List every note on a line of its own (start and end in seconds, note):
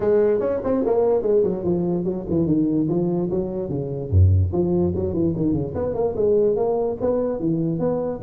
0.00 0.40 G#3
0.40 0.60 C#4
0.64 0.84 C4
0.85 1.22 A#3
1.22 1.43 G#3
1.43 1.63 F#3
1.63 2.04 F3
2.04 2.25 F#3
2.29 2.46 E3
2.46 2.87 D#3
2.88 3.29 F3
3.30 3.69 F#3
3.69 4.10 C#3
4.10 4.51 F#2
4.52 4.93 F3
4.95 5.13 F#3
5.13 5.33 E3
5.36 5.52 D#3
5.52 5.73 C#3
5.74 5.94 B3
5.94 6.14 A#3
6.16 6.56 G#3
6.56 6.97 A#3
7.00 7.39 B3
7.39 7.79 E3
7.79 8.20 B3